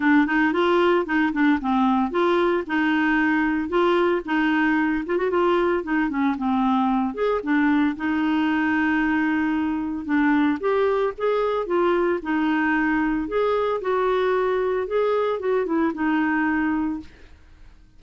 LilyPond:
\new Staff \with { instrumentName = "clarinet" } { \time 4/4 \tempo 4 = 113 d'8 dis'8 f'4 dis'8 d'8 c'4 | f'4 dis'2 f'4 | dis'4. f'16 fis'16 f'4 dis'8 cis'8 | c'4. gis'8 d'4 dis'4~ |
dis'2. d'4 | g'4 gis'4 f'4 dis'4~ | dis'4 gis'4 fis'2 | gis'4 fis'8 e'8 dis'2 | }